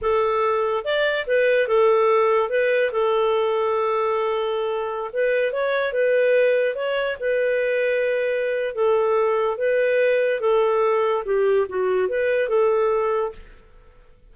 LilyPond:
\new Staff \with { instrumentName = "clarinet" } { \time 4/4 \tempo 4 = 144 a'2 d''4 b'4 | a'2 b'4 a'4~ | a'1~ | a'16 b'4 cis''4 b'4.~ b'16~ |
b'16 cis''4 b'2~ b'8.~ | b'4 a'2 b'4~ | b'4 a'2 g'4 | fis'4 b'4 a'2 | }